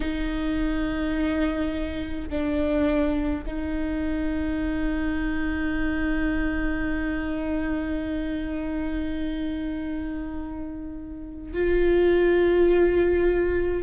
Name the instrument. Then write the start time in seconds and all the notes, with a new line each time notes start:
viola
0.00 D#4
2.29 D4
3.46 D#4
11.53 F4